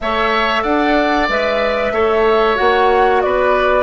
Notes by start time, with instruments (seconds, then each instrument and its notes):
0.01 bassoon A3, clarinet A4, oboe C#5, flute E5
0.62 bassoon D4, oboe D5, flute F#5
1.28 bassoon G#3, clarinet B4, flute E5
1.91 bassoon A3, clarinet A4, oboe C#5
2.55 bassoon A#3, clarinet F#4, flute F#5
3.21 bassoon B3, oboe B4, flute D5